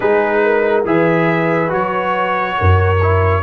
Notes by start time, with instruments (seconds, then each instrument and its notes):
0.00 tuba G#3, trombone D#4, horn G#4, trumpet B4
0.44 horn A#4
0.85 tuba E3, trombone G#4, horn B4, trumpet E5
1.68 tuba F#3, trombone F#4, trumpet C#5
2.58 tuba F#2, horn A#4
3.01 trombone E4